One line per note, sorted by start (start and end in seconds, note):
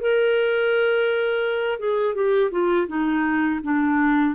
0.00 1.79 A#4
1.79 2.15 G#4
2.15 2.51 G4
2.51 2.87 F4
2.87 3.59 D#4
3.63 4.35 D4